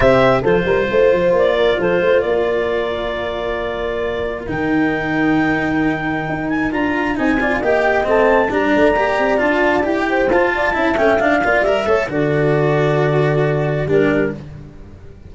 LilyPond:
<<
  \new Staff \with { instrumentName = "clarinet" } { \time 4/4 \tempo 4 = 134 e''4 c''2 d''4 | c''4 d''2.~ | d''2 g''2~ | g''2~ g''8 gis''8 ais''4 |
gis''4 g''4 a''4 ais''4~ | ais''4 a''4 g''4 a''4~ | a''8 g''8 f''4 e''4 d''4~ | d''2. ais'4 | }
  \new Staff \with { instrumentName = "horn" } { \time 4/4 c''4 a'8 ais'8 c''4. ais'8 | a'8 c''8 ais'2.~ | ais'1~ | ais'1 |
dis''8 d''8 dis''2 d''4~ | d''2~ d''8 c''4 d''8 | e''4. d''4 cis''8 a'4~ | a'2. g'4 | }
  \new Staff \with { instrumentName = "cello" } { \time 4/4 g'4 f'2.~ | f'1~ | f'2 dis'2~ | dis'2. f'4 |
dis'8 f'8 g'4 c'4 d'4 | g'4 f'4 g'4 f'4 | e'8 cis'8 d'8 f'8 ais'8 a'8 fis'4~ | fis'2. d'4 | }
  \new Staff \with { instrumentName = "tuba" } { \time 4/4 c4 f8 g8 a8 f8 ais4 | f8 a8 ais2.~ | ais2 dis2~ | dis2 dis'4 d'4 |
c'4 ais4 a4 g8 a8 | ais8 c'8 d'4 e'4 f'4 | cis'8 a8 d'8 ais8 g8 a8 d4~ | d2. g4 | }
>>